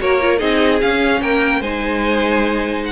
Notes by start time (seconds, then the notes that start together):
0.00 A#3 F#4 A#4 C#5
0.21 F4
0.39 C4 D#4 G#4 D#5
0.82 C#4 F5
1.21 A#3 A#4 G5
1.61 G#3 D#4 C5 G#5
2.85 F#5